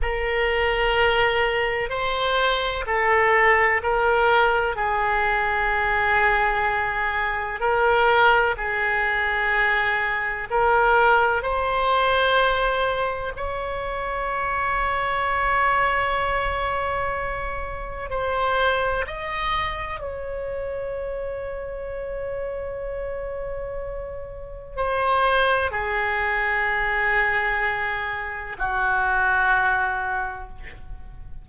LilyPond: \new Staff \with { instrumentName = "oboe" } { \time 4/4 \tempo 4 = 63 ais'2 c''4 a'4 | ais'4 gis'2. | ais'4 gis'2 ais'4 | c''2 cis''2~ |
cis''2. c''4 | dis''4 cis''2.~ | cis''2 c''4 gis'4~ | gis'2 fis'2 | }